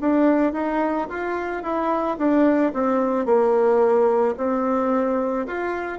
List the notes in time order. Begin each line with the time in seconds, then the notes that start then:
0.00 D4
0.53 D#4
1.09 F4
1.63 E4
2.18 D4
2.73 C4
3.25 A#3
4.37 C4
5.46 F4